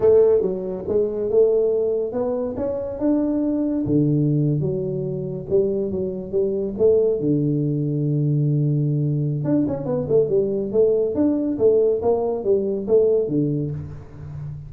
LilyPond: \new Staff \with { instrumentName = "tuba" } { \time 4/4 \tempo 4 = 140 a4 fis4 gis4 a4~ | a4 b4 cis'4 d'4~ | d'4 d4.~ d16 fis4~ fis16~ | fis8. g4 fis4 g4 a16~ |
a8. d2.~ d16~ | d2 d'8 cis'8 b8 a8 | g4 a4 d'4 a4 | ais4 g4 a4 d4 | }